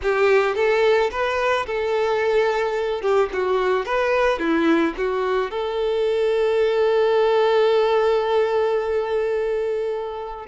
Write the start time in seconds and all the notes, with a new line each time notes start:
0.02 G4
0.55 A4
1.11 B4
1.66 A4
3.01 G4
3.32 F#4
3.85 B4
4.39 E4
4.97 F#4
5.50 A4